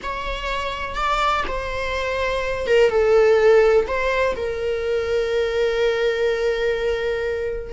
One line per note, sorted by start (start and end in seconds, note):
0.02 0.95 C#5
0.95 1.43 D5
1.47 2.66 C5
2.66 2.89 A#4
2.89 3.86 A4
3.87 4.35 C5
4.36 7.73 A#4